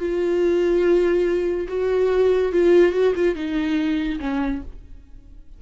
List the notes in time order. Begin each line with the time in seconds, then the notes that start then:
0.00 F4
1.69 F#4
2.52 F4
2.93 F#4
3.16 F4
3.35 D#4
4.20 C#4